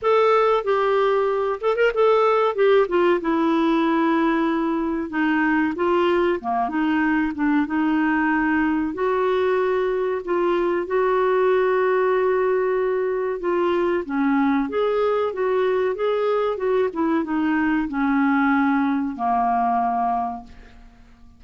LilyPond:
\new Staff \with { instrumentName = "clarinet" } { \time 4/4 \tempo 4 = 94 a'4 g'4. a'16 ais'16 a'4 | g'8 f'8 e'2. | dis'4 f'4 ais8 dis'4 d'8 | dis'2 fis'2 |
f'4 fis'2.~ | fis'4 f'4 cis'4 gis'4 | fis'4 gis'4 fis'8 e'8 dis'4 | cis'2 ais2 | }